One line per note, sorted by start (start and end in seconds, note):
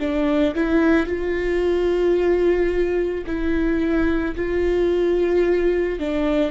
0.00 0.55 D4
0.55 1.07 E4
1.07 3.25 F4
3.26 4.35 E4
4.36 6.00 F4
6.00 6.51 D4